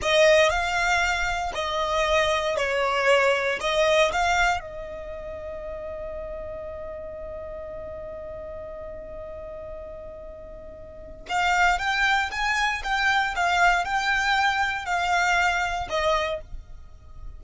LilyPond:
\new Staff \with { instrumentName = "violin" } { \time 4/4 \tempo 4 = 117 dis''4 f''2 dis''4~ | dis''4 cis''2 dis''4 | f''4 dis''2.~ | dis''1~ |
dis''1~ | dis''2 f''4 g''4 | gis''4 g''4 f''4 g''4~ | g''4 f''2 dis''4 | }